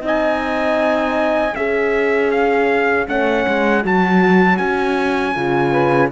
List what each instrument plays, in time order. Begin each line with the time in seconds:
0.00 cello C4, horn D#4, saxophone D#5
0.07 trumpet G#5
1.55 cello C#4, horn G#4, saxophone C#5, trumpet E5
2.31 trumpet F5
3.08 cello A3, horn C#4, trumpet F#5
3.47 cello G#3
3.82 cello F#3, horn F#4, trumpet A5
4.57 cello C#4, trumpet G#5
5.35 cello C#3, horn F4
5.70 saxophone B4